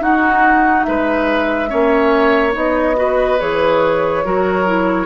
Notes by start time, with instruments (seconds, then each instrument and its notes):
0.00 clarinet D#4, bassoon D#4, oboe F#4, flute F#5
0.84 bassoon G#3, oboe B4, flute E5
1.68 bassoon A#3, clarinet C#4, oboe C#5
2.52 bassoon B3, clarinet D#4, flute D#5
2.95 clarinet F#4, oboe B4
3.39 bassoon E3, clarinet G#4, flute C#5
4.24 bassoon F#3, clarinet F#4, oboe A#4
4.66 clarinet E4